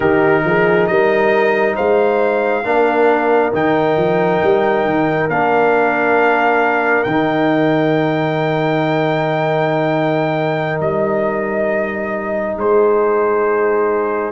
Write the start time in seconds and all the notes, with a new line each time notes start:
0.00 D#3 D#4 G4 A#4
0.44 F3 G#4
0.86 G3 A#4 D#5
1.75 G#3 C5 F5
2.64 A#3 D4 A#4
3.52 D#3 D#4 G5
3.97 F3
4.43 G3
4.84 D#3
5.28 A#3 D4 F5
7.03 D#3 D#4 G5
10.80 G3 D#5
12.56 G#3 G#4 C5